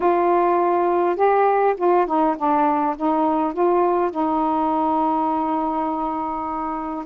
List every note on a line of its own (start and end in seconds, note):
0.00 1.16 F4
1.16 1.74 G4
1.77 2.06 F4
2.06 2.35 D#4
2.37 2.96 D4
2.96 3.53 D#4
3.53 4.10 F4
4.10 7.05 D#4